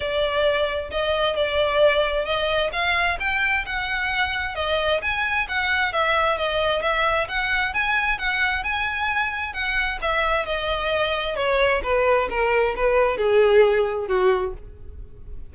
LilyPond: \new Staff \with { instrumentName = "violin" } { \time 4/4 \tempo 4 = 132 d''2 dis''4 d''4~ | d''4 dis''4 f''4 g''4 | fis''2 dis''4 gis''4 | fis''4 e''4 dis''4 e''4 |
fis''4 gis''4 fis''4 gis''4~ | gis''4 fis''4 e''4 dis''4~ | dis''4 cis''4 b'4 ais'4 | b'4 gis'2 fis'4 | }